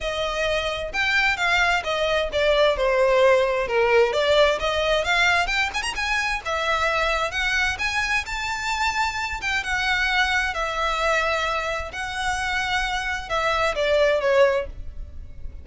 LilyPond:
\new Staff \with { instrumentName = "violin" } { \time 4/4 \tempo 4 = 131 dis''2 g''4 f''4 | dis''4 d''4 c''2 | ais'4 d''4 dis''4 f''4 | g''8 gis''16 ais''16 gis''4 e''2 |
fis''4 gis''4 a''2~ | a''8 g''8 fis''2 e''4~ | e''2 fis''2~ | fis''4 e''4 d''4 cis''4 | }